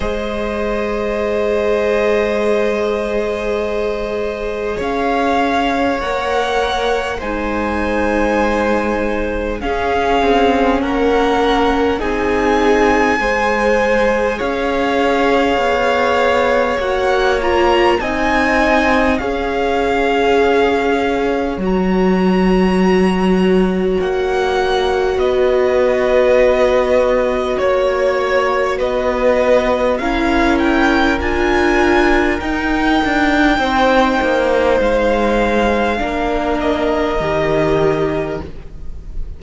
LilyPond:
<<
  \new Staff \with { instrumentName = "violin" } { \time 4/4 \tempo 4 = 50 dis''1 | f''4 fis''4 gis''2 | f''4 fis''4 gis''2 | f''2 fis''8 ais''8 gis''4 |
f''2 ais''2 | fis''4 dis''2 cis''4 | dis''4 f''8 g''8 gis''4 g''4~ | g''4 f''4. dis''4. | }
  \new Staff \with { instrumentName = "violin" } { \time 4/4 c''1 | cis''2 c''2 | gis'4 ais'4 gis'4 c''4 | cis''2. dis''4 |
cis''1~ | cis''4 b'2 cis''4 | b'4 ais'2. | c''2 ais'2 | }
  \new Staff \with { instrumentName = "viola" } { \time 4/4 gis'1~ | gis'4 ais'4 dis'2 | cis'2 dis'4 gis'4~ | gis'2 fis'8 f'8 dis'4 |
gis'2 fis'2~ | fis'1~ | fis'4 e'4 f'4 dis'4~ | dis'2 d'4 g'4 | }
  \new Staff \with { instrumentName = "cello" } { \time 4/4 gis1 | cis'4 ais4 gis2 | cis'8 c'8 ais4 c'4 gis4 | cis'4 b4 ais4 c'4 |
cis'2 fis2 | ais4 b2 ais4 | b4 cis'4 d'4 dis'8 d'8 | c'8 ais8 gis4 ais4 dis4 | }
>>